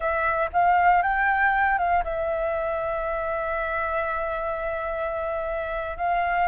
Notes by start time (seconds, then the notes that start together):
0.00 E5
0.52 F5
1.02 G5
1.78 F5
2.03 E5
5.97 F5